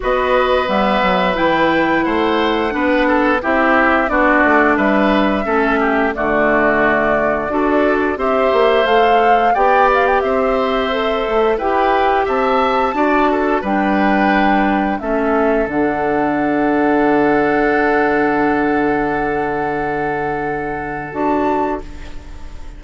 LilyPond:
<<
  \new Staff \with { instrumentName = "flute" } { \time 4/4 \tempo 4 = 88 dis''4 e''4 g''4 fis''4~ | fis''4 e''4 d''4 e''4~ | e''4 d''2. | e''4 f''4 g''8 f''16 g''16 e''4~ |
e''4 g''4 a''2 | g''2 e''4 fis''4~ | fis''1~ | fis''2. a''4 | }
  \new Staff \with { instrumentName = "oboe" } { \time 4/4 b'2. c''4 | b'8 a'8 g'4 fis'4 b'4 | a'8 g'8 fis'2 a'4 | c''2 d''4 c''4~ |
c''4 b'4 e''4 d''8 a'8 | b'2 a'2~ | a'1~ | a'1 | }
  \new Staff \with { instrumentName = "clarinet" } { \time 4/4 fis'4 b4 e'2 | d'4 e'4 d'2 | cis'4 a2 fis'4 | g'4 a'4 g'2 |
a'4 g'2 fis'4 | d'2 cis'4 d'4~ | d'1~ | d'2. fis'4 | }
  \new Staff \with { instrumentName = "bassoon" } { \time 4/4 b4 g8 fis8 e4 a4 | b4 c'4 b8 a8 g4 | a4 d2 d'4 | c'8 ais8 a4 b4 c'4~ |
c'8 a8 e'4 c'4 d'4 | g2 a4 d4~ | d1~ | d2. d'4 | }
>>